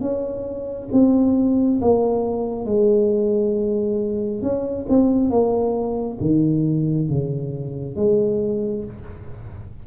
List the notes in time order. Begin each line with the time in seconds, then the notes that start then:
0.00 C#4
0.92 C4
1.81 A#3
2.65 G#3
4.42 C#4
4.89 C4
5.29 A#3
6.20 D#3
7.09 C#3
7.96 G#3